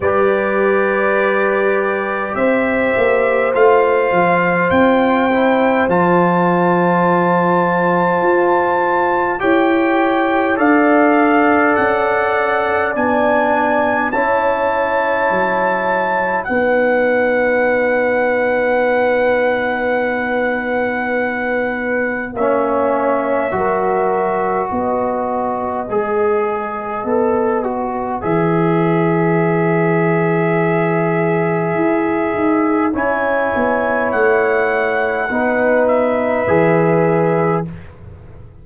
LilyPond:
<<
  \new Staff \with { instrumentName = "trumpet" } { \time 4/4 \tempo 4 = 51 d''2 e''4 f''4 | g''4 a''2. | g''4 f''4 fis''4 gis''4 | a''2 fis''2~ |
fis''2. e''4~ | e''4 dis''2. | e''1 | gis''4 fis''4. e''4. | }
  \new Staff \with { instrumentName = "horn" } { \time 4/4 b'2 c''2~ | c''1 | cis''4 d''2. | cis''2 b'2~ |
b'2. cis''4 | ais'4 b'2.~ | b'1 | cis''2 b'2 | }
  \new Staff \with { instrumentName = "trombone" } { \time 4/4 g'2. f'4~ | f'8 e'8 f'2. | g'4 a'2 d'4 | e'2 dis'2~ |
dis'2. cis'4 | fis'2 gis'4 a'8 fis'8 | gis'1 | e'2 dis'4 gis'4 | }
  \new Staff \with { instrumentName = "tuba" } { \time 4/4 g2 c'8 ais8 a8 f8 | c'4 f2 f'4 | e'4 d'4 cis'4 b4 | cis'4 fis4 b2~ |
b2. ais4 | fis4 b4 gis4 b4 | e2. e'8 dis'8 | cis'8 b8 a4 b4 e4 | }
>>